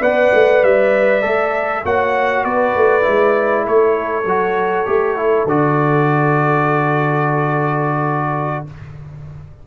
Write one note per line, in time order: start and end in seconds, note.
0.00 0.31 B3
0.00 1.22 B4
0.00 1.82 D5
0.00 0.64 F#5
0.34 0.64 A3
0.64 1.24 G3
0.64 1.85 E5
1.22 1.85 A3
1.22 1.83 A4
1.85 2.45 A#3
1.85 3.02 F#4
1.85 2.45 C#5
1.85 2.45 F#5
2.45 2.75 B3
2.45 3.65 B4
2.45 3.66 D5
2.76 3.06 A3
3.02 3.67 G#3
3.02 4.23 E4
3.65 4.25 A3
3.65 8.65 A4
3.65 5.49 C#5
4.25 4.86 F#3
4.25 4.86 F#4
4.86 5.46 A3
4.86 5.17 G4
5.17 5.47 E4
5.46 8.64 D3
5.46 8.67 F#4
5.46 8.67 D5